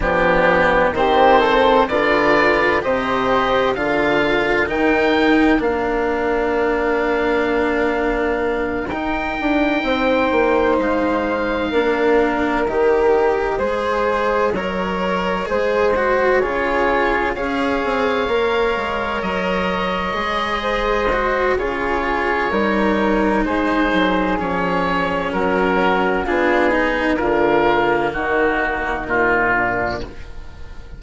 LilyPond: <<
  \new Staff \with { instrumentName = "oboe" } { \time 4/4 \tempo 4 = 64 g'4 c''4 d''4 dis''4 | f''4 g''4 f''2~ | f''4. g''2 f''8~ | f''4. dis''2~ dis''8~ |
dis''4. cis''4 f''4.~ | f''8 dis''2~ dis''8 cis''4~ | cis''4 c''4 cis''4 ais'4 | gis'4 ais'4 fis'4 f'4 | }
  \new Staff \with { instrumentName = "flute" } { \time 4/4 d'4 g'8 a'8 b'4 c''4 | ais'1~ | ais'2~ ais'8 c''4.~ | c''8 ais'2 c''4 cis''8~ |
cis''8 c''4 gis'4 cis''4.~ | cis''2 c''4 gis'4 | ais'4 gis'2 fis'4 | f'8 dis'8 f'4 dis'4. d'8 | }
  \new Staff \with { instrumentName = "cello" } { \time 4/4 b4 c'4 f'4 g'4 | f'4 dis'4 d'2~ | d'4. dis'2~ dis'8~ | dis'8 d'4 g'4 gis'4 ais'8~ |
ais'8 gis'8 fis'8 f'4 gis'4 ais'8~ | ais'4. gis'4 fis'8 f'4 | dis'2 cis'2 | d'8 dis'8 ais2. | }
  \new Staff \with { instrumentName = "bassoon" } { \time 4/4 f4 dis4 d4 c4 | d4 dis4 ais2~ | ais4. dis'8 d'8 c'8 ais8 gis8~ | gis8 ais4 dis4 gis4 fis8~ |
fis8 gis4 cis4 cis'8 c'8 ais8 | gis8 fis4 gis4. cis4 | g4 gis8 fis8 f4 fis4 | b4 d4 dis4 ais,4 | }
>>